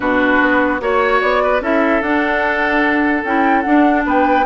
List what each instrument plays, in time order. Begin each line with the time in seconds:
0.00 bassoon B2, clarinet D4, oboe F#4, flute B4
0.40 bassoon B3
0.80 bassoon A#3, clarinet F#4, oboe C#5, flute C#5
1.21 bassoon B3, flute D5
1.43 oboe B4
1.61 bassoon C#4, clarinet E4, oboe A4, flute E5
2.01 bassoon D4, clarinet D4, flute F#5
3.24 bassoon C#4, clarinet E4, flute G5
3.61 clarinet D4, bassoon D4, flute F#5
4.05 bassoon B3, oboe B4, flute G5